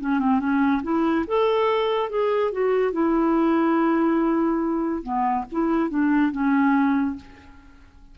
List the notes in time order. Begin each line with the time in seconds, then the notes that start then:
0.00 C#4
0.20 C4
0.40 C#4
0.83 E4
1.27 A4
2.10 G#4
2.52 F#4
2.93 E4
5.03 B3
5.52 E4
5.90 D4
6.32 C#4